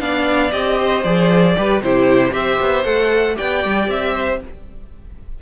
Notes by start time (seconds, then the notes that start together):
0.00 B3 D4 D5 F5
0.52 C4 G4 D#5
0.78 C5
1.04 F3 G#4 D5
1.56 G3 G4 B4
1.81 C3 E4 G4 C5
2.32 C4 G4 C5 E5
2.60 B3
2.84 A3 A4 F#5
3.35 B3 G4 D5 G5
3.65 G3
3.88 C4 E5
4.15 C5